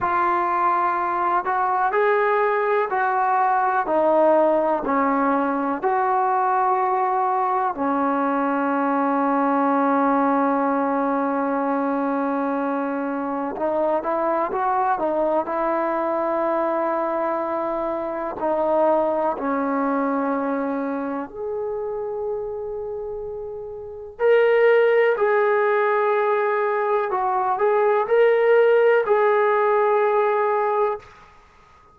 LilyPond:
\new Staff \with { instrumentName = "trombone" } { \time 4/4 \tempo 4 = 62 f'4. fis'8 gis'4 fis'4 | dis'4 cis'4 fis'2 | cis'1~ | cis'2 dis'8 e'8 fis'8 dis'8 |
e'2. dis'4 | cis'2 gis'2~ | gis'4 ais'4 gis'2 | fis'8 gis'8 ais'4 gis'2 | }